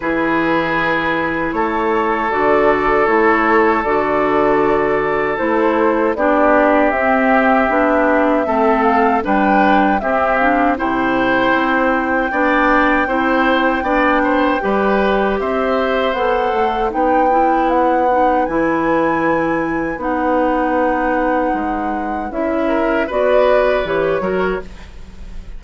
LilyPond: <<
  \new Staff \with { instrumentName = "flute" } { \time 4/4 \tempo 4 = 78 b'2 cis''4 d''4 | cis''4 d''2 c''4 | d''4 e''2~ e''8 f''8 | g''4 e''8 f''8 g''2~ |
g''1 | e''4 fis''4 g''4 fis''4 | gis''2 fis''2~ | fis''4 e''4 d''4 cis''4 | }
  \new Staff \with { instrumentName = "oboe" } { \time 4/4 gis'2 a'2~ | a'1 | g'2. a'4 | b'4 g'4 c''2 |
d''4 c''4 d''8 c''8 b'4 | c''2 b'2~ | b'1~ | b'4. ais'8 b'4. ais'8 | }
  \new Staff \with { instrumentName = "clarinet" } { \time 4/4 e'2. fis'4 | e'4 fis'2 e'4 | d'4 c'4 d'4 c'4 | d'4 c'8 d'8 e'2 |
d'4 e'4 d'4 g'4~ | g'4 a'4 dis'8 e'4 dis'8 | e'2 dis'2~ | dis'4 e'4 fis'4 g'8 fis'8 | }
  \new Staff \with { instrumentName = "bassoon" } { \time 4/4 e2 a4 d4 | a4 d2 a4 | b4 c'4 b4 a4 | g4 c'4 c4 c'4 |
b4 c'4 b4 g4 | c'4 b8 a8 b2 | e2 b2 | gis4 cis'4 b4 e8 fis8 | }
>>